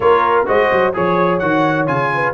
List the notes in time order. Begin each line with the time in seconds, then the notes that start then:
0.00 A#3 F4 A#4 C#5
0.46 G#3 F#4 C5 D#5
0.72 F#3
0.93 F3 G#4 C#5
1.38 D#3 F#4 F#5
1.86 C#3 F4 G#5
2.13 B4